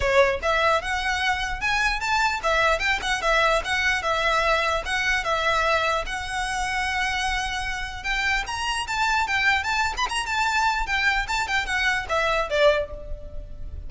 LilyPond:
\new Staff \with { instrumentName = "violin" } { \time 4/4 \tempo 4 = 149 cis''4 e''4 fis''2 | gis''4 a''4 e''4 g''8 fis''8 | e''4 fis''4 e''2 | fis''4 e''2 fis''4~ |
fis''1 | g''4 ais''4 a''4 g''4 | a''8. b''16 ais''8 a''4. g''4 | a''8 g''8 fis''4 e''4 d''4 | }